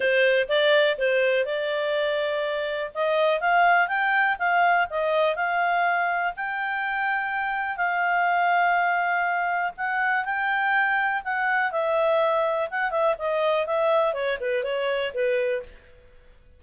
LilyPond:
\new Staff \with { instrumentName = "clarinet" } { \time 4/4 \tempo 4 = 123 c''4 d''4 c''4 d''4~ | d''2 dis''4 f''4 | g''4 f''4 dis''4 f''4~ | f''4 g''2. |
f''1 | fis''4 g''2 fis''4 | e''2 fis''8 e''8 dis''4 | e''4 cis''8 b'8 cis''4 b'4 | }